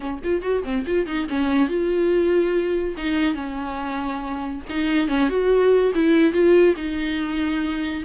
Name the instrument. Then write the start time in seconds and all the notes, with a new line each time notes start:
viola
0.00 C#4
0.23 F4
0.41 F#4
0.63 C4
0.86 F4
1.06 D#4
1.29 C#4
1.68 F4
2.97 D#4
3.34 C#4
4.69 D#4
5.07 C#4
5.29 F#4
5.94 E4
6.32 F4
6.76 D#4